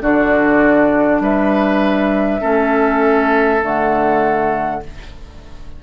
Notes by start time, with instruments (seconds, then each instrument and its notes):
0.00 bassoon D3, clarinet D4, oboe F#4, flute D5
1.20 bassoon G3, oboe B4, flute E5
2.40 bassoon A3, clarinet C#4, oboe A4
3.61 bassoon D3, clarinet A3, flute F#5